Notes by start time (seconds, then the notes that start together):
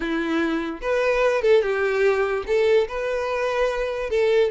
0.00 E4
0.81 B4
1.42 A4
1.62 G4
2.46 A4
2.88 B4
4.10 A4